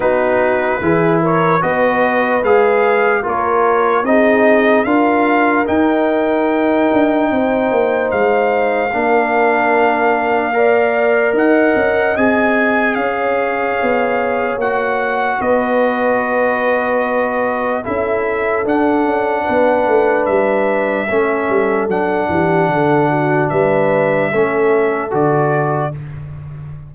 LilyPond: <<
  \new Staff \with { instrumentName = "trumpet" } { \time 4/4 \tempo 4 = 74 b'4. cis''8 dis''4 f''4 | cis''4 dis''4 f''4 g''4~ | g''2 f''2~ | f''2 fis''4 gis''4 |
f''2 fis''4 dis''4~ | dis''2 e''4 fis''4~ | fis''4 e''2 fis''4~ | fis''4 e''2 d''4 | }
  \new Staff \with { instrumentName = "horn" } { \time 4/4 fis'4 gis'8 ais'8 b'2 | ais'4 gis'4 ais'2~ | ais'4 c''2 ais'4~ | ais'4 d''4 dis''2 |
cis''2. b'4~ | b'2 a'2 | b'2 a'4. g'8 | a'8 fis'8 b'4 a'2 | }
  \new Staff \with { instrumentName = "trombone" } { \time 4/4 dis'4 e'4 fis'4 gis'4 | f'4 dis'4 f'4 dis'4~ | dis'2. d'4~ | d'4 ais'2 gis'4~ |
gis'2 fis'2~ | fis'2 e'4 d'4~ | d'2 cis'4 d'4~ | d'2 cis'4 fis'4 | }
  \new Staff \with { instrumentName = "tuba" } { \time 4/4 b4 e4 b4 gis4 | ais4 c'4 d'4 dis'4~ | dis'8 d'8 c'8 ais8 gis4 ais4~ | ais2 dis'8 cis'8 c'4 |
cis'4 b4 ais4 b4~ | b2 cis'4 d'8 cis'8 | b8 a8 g4 a8 g8 fis8 e8 | d4 g4 a4 d4 | }
>>